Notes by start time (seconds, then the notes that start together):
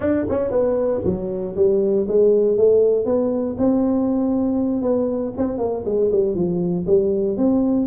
0.00 D4
0.29 C#4
0.50 B3
1.04 F#3
1.55 G3
2.08 G#3
2.57 A3
3.05 B3
3.58 C4
4.82 B3
5.37 C4
5.58 A#3
5.85 G#3
6.11 G3
6.34 F3
6.86 G3
7.37 C4